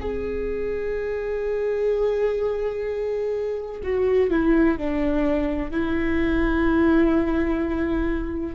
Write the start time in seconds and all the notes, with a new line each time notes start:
0.00 G#4
3.83 F#4
4.31 E4
4.77 D4
5.71 E4